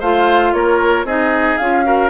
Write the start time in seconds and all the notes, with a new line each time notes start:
0.00 A3 F4 C5 F5
0.53 A#3 A#4 C#5
1.04 C4 D#4 G#4 D#5
1.58 C#4 F4 F5
1.84 F#4 A#4